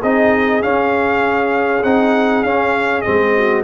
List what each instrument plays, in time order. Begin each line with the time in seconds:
0.00 tuba C4, trombone D#4, horn G#4, trumpet D#5
0.62 trombone C#4, tuba C#4, trumpet F5
1.84 tuba C4, trombone D#4, trumpet F#5
2.43 tuba C#4, trombone C#4, trumpet F5
3.02 tuba G#3, trombone C4, trumpet D#5
3.37 horn F#4